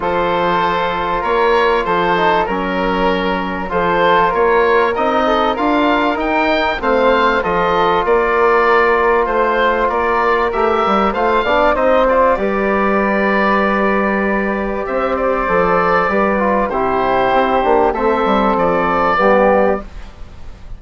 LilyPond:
<<
  \new Staff \with { instrumentName = "oboe" } { \time 4/4 \tempo 4 = 97 c''2 cis''4 c''4 | ais'2 c''4 cis''4 | dis''4 f''4 g''4 f''4 | dis''4 d''2 c''4 |
d''4 e''4 f''4 dis''8 d''8~ | d''1 | e''8 d''2~ d''8 c''4~ | c''4 e''4 d''2 | }
  \new Staff \with { instrumentName = "flute" } { \time 4/4 a'2 ais'4 a'4 | ais'2 a'4 ais'4~ | ais'8 a'8 ais'2 c''4 | a'4 ais'2 c''4 |
ais'2 c''8 d''8 c''4 | b'1 | c''2 b'4 g'4~ | g'4 a'2 g'4 | }
  \new Staff \with { instrumentName = "trombone" } { \time 4/4 f'2.~ f'8 dis'8 | cis'2 f'2 | dis'4 f'4 dis'4 c'4 | f'1~ |
f'4 g'4 f'8 d'8 dis'8 f'8 | g'1~ | g'4 a'4 g'8 f'8 e'4~ | e'8 d'8 c'2 b4 | }
  \new Staff \with { instrumentName = "bassoon" } { \time 4/4 f2 ais4 f4 | fis2 f4 ais4 | c'4 d'4 dis'4 a4 | f4 ais2 a4 |
ais4 a8 g8 a8 b8 c'4 | g1 | c'4 f4 g4 c4 | c'8 ais8 a8 g8 f4 g4 | }
>>